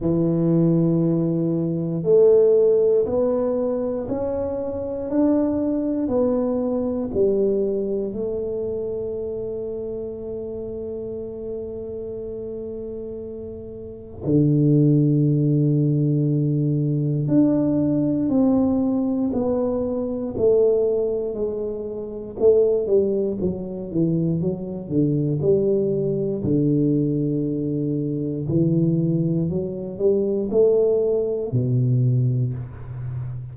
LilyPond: \new Staff \with { instrumentName = "tuba" } { \time 4/4 \tempo 4 = 59 e2 a4 b4 | cis'4 d'4 b4 g4 | a1~ | a2 d2~ |
d4 d'4 c'4 b4 | a4 gis4 a8 g8 fis8 e8 | fis8 d8 g4 d2 | e4 fis8 g8 a4 b,4 | }